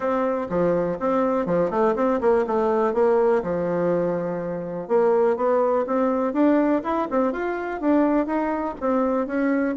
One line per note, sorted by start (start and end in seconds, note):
0.00 0.47 C4
0.49 0.98 F3
0.99 1.45 C4
1.45 1.70 F3
1.70 1.94 A3
1.95 2.20 C4
2.21 2.45 A#3
2.46 2.93 A3
2.93 3.42 A#3
3.43 4.88 F3
4.88 5.36 A#3
5.36 5.85 B3
5.86 6.33 C4
6.33 6.82 D4
6.83 7.07 E4
7.10 7.32 C4
7.32 7.80 F4
7.80 8.26 D4
8.26 8.74 D#4
8.80 9.26 C4
9.26 9.75 C#4